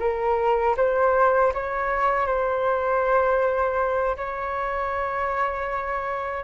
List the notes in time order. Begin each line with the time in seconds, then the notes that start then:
0.00 A#4
0.77 C5
1.54 C#5
2.26 C5
4.17 C#5